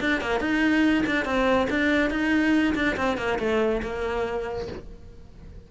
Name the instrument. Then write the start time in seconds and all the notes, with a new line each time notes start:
cello
0.00 D4
0.21 A#3
0.40 D#4
1.06 D4
1.25 C4
1.70 D4
2.10 D#4
2.75 D4
2.96 C4
3.17 A#3
3.39 A3
3.83 A#3